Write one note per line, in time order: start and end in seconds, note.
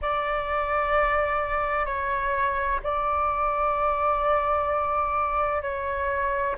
0.01 1.85 D5
1.85 2.79 C#5
2.83 5.62 D5
5.62 6.55 C#5